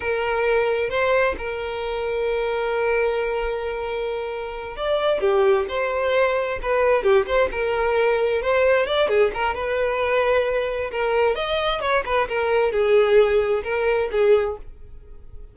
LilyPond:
\new Staff \with { instrumentName = "violin" } { \time 4/4 \tempo 4 = 132 ais'2 c''4 ais'4~ | ais'1~ | ais'2~ ais'8 d''4 g'8~ | g'8 c''2 b'4 g'8 |
c''8 ais'2 c''4 d''8 | gis'8 ais'8 b'2. | ais'4 dis''4 cis''8 b'8 ais'4 | gis'2 ais'4 gis'4 | }